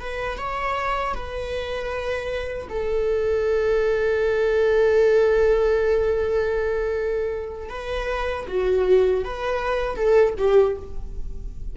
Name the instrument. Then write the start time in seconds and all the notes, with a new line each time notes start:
viola
0.00 B4
0.38 C#5
1.15 B4
2.69 A4
7.70 B4
8.48 F#4
9.24 B4
9.96 A4
10.38 G4